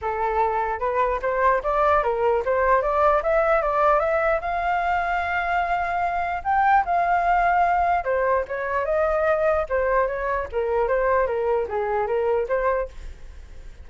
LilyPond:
\new Staff \with { instrumentName = "flute" } { \time 4/4 \tempo 4 = 149 a'2 b'4 c''4 | d''4 ais'4 c''4 d''4 | e''4 d''4 e''4 f''4~ | f''1 |
g''4 f''2. | c''4 cis''4 dis''2 | c''4 cis''4 ais'4 c''4 | ais'4 gis'4 ais'4 c''4 | }